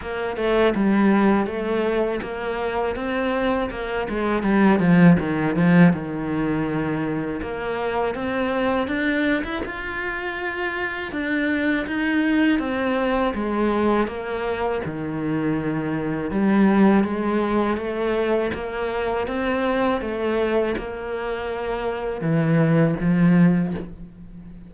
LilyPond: \new Staff \with { instrumentName = "cello" } { \time 4/4 \tempo 4 = 81 ais8 a8 g4 a4 ais4 | c'4 ais8 gis8 g8 f8 dis8 f8 | dis2 ais4 c'4 | d'8. e'16 f'2 d'4 |
dis'4 c'4 gis4 ais4 | dis2 g4 gis4 | a4 ais4 c'4 a4 | ais2 e4 f4 | }